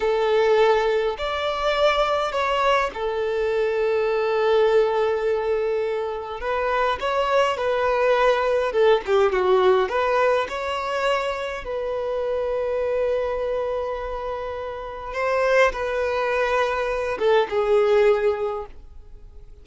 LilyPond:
\new Staff \with { instrumentName = "violin" } { \time 4/4 \tempo 4 = 103 a'2 d''2 | cis''4 a'2.~ | a'2. b'4 | cis''4 b'2 a'8 g'8 |
fis'4 b'4 cis''2 | b'1~ | b'2 c''4 b'4~ | b'4. a'8 gis'2 | }